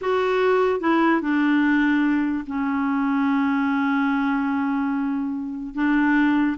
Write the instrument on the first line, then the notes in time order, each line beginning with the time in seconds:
clarinet
0.01 F#4
0.80 E4
1.21 D4
2.46 C#4
5.74 D4